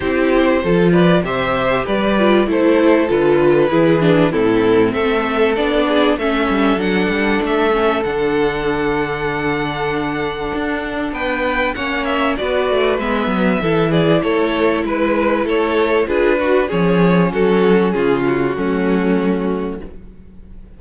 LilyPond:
<<
  \new Staff \with { instrumentName = "violin" } { \time 4/4 \tempo 4 = 97 c''4. d''8 e''4 d''4 | c''4 b'2 a'4 | e''4 d''4 e''4 fis''4 | e''4 fis''2.~ |
fis''2 g''4 fis''8 e''8 | d''4 e''4. d''8 cis''4 | b'4 cis''4 b'4 cis''4 | a'4 gis'8 fis'2~ fis'8 | }
  \new Staff \with { instrumentName = "violin" } { \time 4/4 g'4 a'8 b'8 c''4 b'4 | a'2 gis'4 e'4 | a'4. gis'8 a'2~ | a'1~ |
a'2 b'4 cis''4 | b'2 a'8 gis'8 a'4 | b'4 a'4 gis'8 fis'8 gis'4 | fis'4 f'4 cis'2 | }
  \new Staff \with { instrumentName = "viola" } { \time 4/4 e'4 f'4 g'4. f'8 | e'4 f'4 e'8 d'8 c'4~ | c'4 d'4 cis'4 d'4~ | d'8 cis'8 d'2.~ |
d'2. cis'4 | fis'4 b4 e'2~ | e'2 f'8 fis'8 cis'4~ | cis'2 a2 | }
  \new Staff \with { instrumentName = "cello" } { \time 4/4 c'4 f4 c4 g4 | a4 d4 e4 a,4 | a4 b4 a8 g8 fis8 g8 | a4 d2.~ |
d4 d'4 b4 ais4 | b8 a8 gis8 fis8 e4 a4 | gis4 a4 d'4 f4 | fis4 cis4 fis2 | }
>>